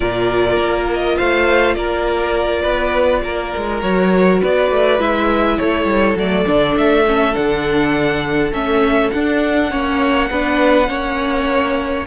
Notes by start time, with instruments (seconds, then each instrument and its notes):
0.00 cello A#2, viola F4, violin A#4 D5
0.57 cello A#3
0.93 violin D#5
1.17 cello A3, violin C5 F5
1.74 cello A#3, violin A#4 D5
2.62 cello B3, violin B4
3.24 cello A#3, violin A#4
3.56 cello G#3
3.81 cello F#3, viola F#4, violin C#5
4.41 cello B3, violin B4 D5
4.71 cello A3
4.99 cello G#3, viola E4, violin E5
5.58 cello A3, violin A4 C#5
5.84 cello G3
6.15 cello F#3, viola A3, violin D5
6.45 cello D3, viola D4
6.76 cello A3, violin E5
7.06 viola C#4
7.32 cello D3, viola D4, violin F#5
8.51 cello A3, viola C#4, violin E5
9.10 cello D4, viola D4, violin F#5
9.70 cello A#3, viola C#4, violin C#5
10.29 cello B3, viola D4, violin B4
10.87 cello A#3, viola C#4, violin C#5